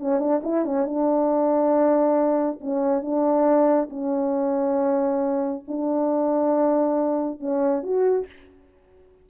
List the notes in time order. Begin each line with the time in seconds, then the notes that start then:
0.00 C#4
0.19 D4
0.43 E4
0.65 C#4
0.85 D4
2.60 C#4
3.02 D4
3.90 C#4
5.68 D4
7.40 C#4
7.83 F#4